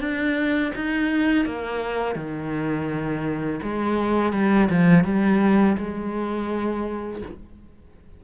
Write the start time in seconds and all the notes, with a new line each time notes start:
0.00 D4
0.76 D#4
1.46 A#3
2.16 D#3
3.63 G#3
4.33 G3
4.70 F3
5.04 G3
5.78 G#3